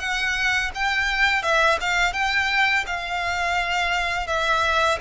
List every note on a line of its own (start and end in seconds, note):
0.00 0.71 F#5
0.75 1.43 G5
1.43 1.79 E5
1.81 2.14 F5
2.14 2.85 G5
2.87 4.28 F5
4.28 4.99 E5